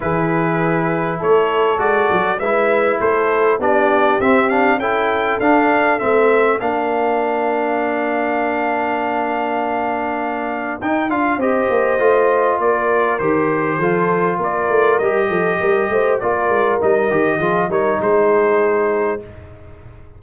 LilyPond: <<
  \new Staff \with { instrumentName = "trumpet" } { \time 4/4 \tempo 4 = 100 b'2 cis''4 d''4 | e''4 c''4 d''4 e''8 f''8 | g''4 f''4 e''4 f''4~ | f''1~ |
f''2 g''8 f''8 dis''4~ | dis''4 d''4 c''2 | d''4 dis''2 d''4 | dis''4. cis''8 c''2 | }
  \new Staff \with { instrumentName = "horn" } { \time 4/4 gis'2 a'2 | b'4 a'4 g'2 | a'2. ais'4~ | ais'1~ |
ais'2. c''4~ | c''4 ais'2 a'4 | ais'4. a'8 ais'8 c''8 ais'4~ | ais'4 gis'8 ais'8 gis'2 | }
  \new Staff \with { instrumentName = "trombone" } { \time 4/4 e'2. fis'4 | e'2 d'4 c'8 d'8 | e'4 d'4 c'4 d'4~ | d'1~ |
d'2 dis'8 f'8 g'4 | f'2 g'4 f'4~ | f'4 g'2 f'4 | dis'8 g'8 f'8 dis'2~ dis'8 | }
  \new Staff \with { instrumentName = "tuba" } { \time 4/4 e2 a4 gis8 fis8 | gis4 a4 b4 c'4 | cis'4 d'4 a4 ais4~ | ais1~ |
ais2 dis'8 d'8 c'8 ais8 | a4 ais4 dis4 f4 | ais8 a8 g8 f8 g8 a8 ais8 gis8 | g8 dis8 f8 g8 gis2 | }
>>